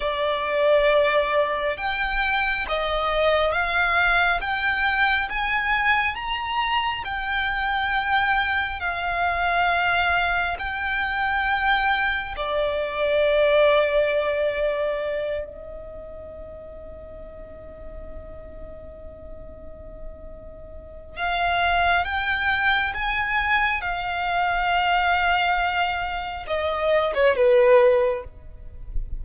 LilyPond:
\new Staff \with { instrumentName = "violin" } { \time 4/4 \tempo 4 = 68 d''2 g''4 dis''4 | f''4 g''4 gis''4 ais''4 | g''2 f''2 | g''2 d''2~ |
d''4. dis''2~ dis''8~ | dis''1 | f''4 g''4 gis''4 f''4~ | f''2 dis''8. cis''16 b'4 | }